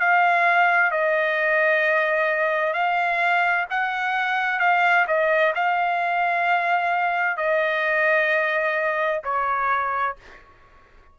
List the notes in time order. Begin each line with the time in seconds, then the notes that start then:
0.00 F5
0.91 D#5
2.74 F5
3.70 F#5
4.59 F5
5.08 D#5
5.55 F5
7.37 D#5
9.24 C#5